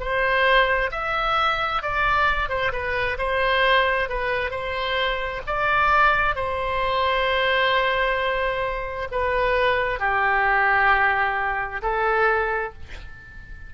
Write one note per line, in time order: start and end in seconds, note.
0.00 0.91 C5
0.92 1.83 E5
1.83 2.49 D5
2.49 2.72 C5
2.72 3.18 B4
3.19 4.09 C5
4.09 4.51 B4
4.51 5.42 C5
5.47 6.36 D5
6.36 9.09 C5
9.12 10.00 B4
10.00 11.82 G4
11.82 12.73 A4